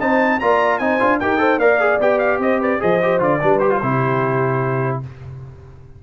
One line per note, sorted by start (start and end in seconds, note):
0.00 0.41 C4
0.00 0.40 D#4
0.00 0.40 C5
0.00 0.40 A5
0.40 0.80 A#3
0.40 0.80 F4
0.40 0.81 D5
0.40 0.79 A#5
0.79 1.00 C4
0.79 1.00 D#4
0.79 1.21 C5
0.79 1.19 G#5
1.00 1.22 D4
1.00 1.20 F4
1.20 1.58 D#4
1.20 1.38 G4
1.20 1.40 A#4
1.20 1.59 G5
1.38 1.58 A4
1.38 1.60 C5
1.58 1.98 A#3
1.58 1.80 A#4
1.58 2.40 D5
1.58 1.99 F5
1.80 2.00 G#4
2.00 2.38 B3
2.00 2.80 G4
2.00 2.19 G5
2.19 2.39 F5
2.38 2.78 C4
2.38 2.60 C5
2.38 2.62 D#5
2.60 2.80 B4
2.60 2.82 D5
2.80 3.20 F3
2.80 3.00 G#4
2.80 3.41 C5
2.80 3.22 D#5
3.02 3.20 G4
3.20 3.40 D3
3.20 3.40 F4
3.20 3.59 D5
3.40 3.82 G3
3.40 3.60 D4
3.40 3.82 B4
3.59 3.71 G4
3.59 4.99 C5
3.71 3.81 F4
3.82 5.02 C3
3.82 5.03 E4
3.82 5.02 G4